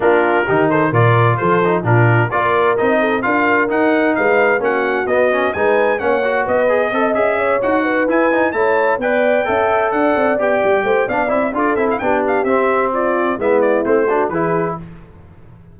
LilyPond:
<<
  \new Staff \with { instrumentName = "trumpet" } { \time 4/4 \tempo 4 = 130 ais'4. c''8 d''4 c''4 | ais'4 d''4 dis''4 f''4 | fis''4 f''4 fis''4 dis''4 | gis''4 fis''4 dis''4. e''8~ |
e''8 fis''4 gis''4 a''4 g''8~ | g''4. fis''4 g''4. | f''8 e''8 d''8 e''16 f''16 g''8 f''8 e''4 | d''4 e''8 d''8 c''4 b'4 | }
  \new Staff \with { instrumentName = "horn" } { \time 4/4 f'4 g'8 a'8 ais'4 a'4 | f'4 ais'4. a'8 ais'4~ | ais'4 b'4 fis'2 | b'4 cis''4 b'4 dis''4 |
cis''4 b'4. cis''4 d''8~ | d''8 e''4 d''2 c''8 | d''4 a'4 g'2 | f'4 e'4. fis'8 gis'4 | }
  \new Staff \with { instrumentName = "trombone" } { \time 4/4 d'4 dis'4 f'4. dis'8 | d'4 f'4 dis'4 f'4 | dis'2 cis'4 b8 cis'8 | dis'4 cis'8 fis'4 gis'8 a'8 gis'8~ |
gis'8 fis'4 e'8 dis'8 e'4 b'8~ | b'8 a'2 g'4. | d'8 e'8 f'8 e'8 d'4 c'4~ | c'4 b4 c'8 d'8 e'4 | }
  \new Staff \with { instrumentName = "tuba" } { \time 4/4 ais4 dis4 ais,4 f4 | ais,4 ais4 c'4 d'4 | dis'4 gis4 ais4 b4 | gis4 ais4 b4 c'8 cis'8~ |
cis'8 dis'4 e'4 a4 b8~ | b8 cis'4 d'8 c'8 b8 g8 a8 | b8 c'8 d'8 c'8 b4 c'4~ | c'4 gis4 a4 e4 | }
>>